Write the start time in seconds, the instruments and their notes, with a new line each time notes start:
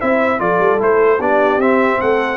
0.00 tuba C4, trombone E4, horn C5, trumpet E5
0.38 tuba F3, trombone F4, horn A4, trumpet D5
0.59 tuba G3
0.78 tuba A3, trombone E4, trumpet C5
1.18 tuba B3, trombone D4, horn G4, trumpet D5
1.57 tuba C4, trombone C4, trumpet E5
2.01 tuba A3, horn A4, trumpet F#5